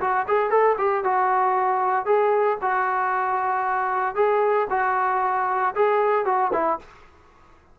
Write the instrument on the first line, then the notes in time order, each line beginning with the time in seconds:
trombone
0.00 F#4
0.27 G#4
0.50 A4
0.78 G4
1.04 F#4
2.05 G#4
2.61 F#4
4.15 G#4
4.70 F#4
5.75 G#4
6.25 F#4
6.52 E4